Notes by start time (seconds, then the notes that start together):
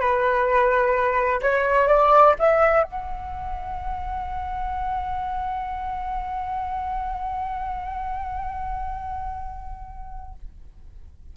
0.00 B4
1.42 C#5
1.88 D5
2.39 E5
2.83 F#5